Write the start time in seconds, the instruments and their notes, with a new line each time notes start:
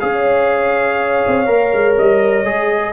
0.00 tuba C#4, trombone G#4, horn C#5, trumpet F5
1.27 tuba C4
1.46 tuba A#3, trombone A#4
1.72 tuba G#3
1.98 tuba G3, trumpet D#5
2.44 tuba G#3, trombone G#4